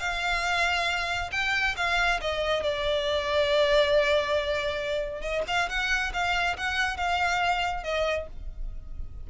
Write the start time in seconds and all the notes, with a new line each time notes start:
0.00 F5
1.32 G5
1.76 F5
2.21 D#5
2.63 D5
5.21 D#5
5.47 F5
5.69 F#5
6.13 F5
6.57 F#5
6.97 F5
7.84 D#5